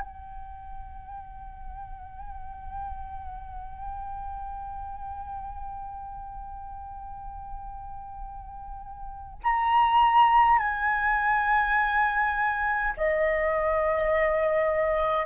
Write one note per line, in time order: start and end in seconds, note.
0.00 9.41 G5
9.43 10.59 A#5
10.59 12.94 G#5
12.97 15.26 D#5